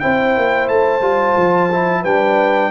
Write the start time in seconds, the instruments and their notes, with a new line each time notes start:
0.00 tuba C4, trombone E4, horn C5, trumpet G5
0.37 tuba A#3
0.68 tuba A3, trumpet A5
1.01 tuba G3, trombone F4
1.37 tuba F3
1.72 trombone E4
2.02 tuba G3, trombone D4, horn B4, trumpet G5